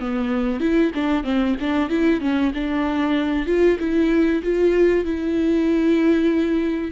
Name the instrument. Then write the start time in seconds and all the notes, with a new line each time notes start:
viola
0.00 B3
0.61 E4
0.95 D4
1.24 C4
1.60 D4
1.89 E4
2.21 C#4
2.54 D4
3.47 F4
3.80 E4
4.44 F4
5.05 E4